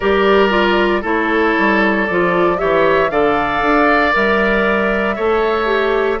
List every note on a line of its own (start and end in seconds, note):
0.00 1.03 G3
0.00 0.50 G4
0.00 1.01 A#4
0.00 1.03 D5
0.50 1.02 F4
1.01 1.55 A3
1.01 2.06 E4
1.01 2.56 A4
1.01 2.06 C#5
1.58 2.09 G3
2.06 2.61 F3
2.06 2.57 F4
2.06 2.58 D5
2.57 3.10 E3
2.57 3.08 G4
2.57 3.11 C#5
2.57 3.09 E5
3.09 3.62 D3
3.09 4.12 A4
3.09 5.15 D5
3.09 4.13 F5
3.62 4.13 D4
4.12 5.18 G3
4.12 5.16 A#4
4.12 6.20 E5
5.15 6.20 A3
5.15 5.65 A4
5.15 6.19 C#5
5.65 6.17 G4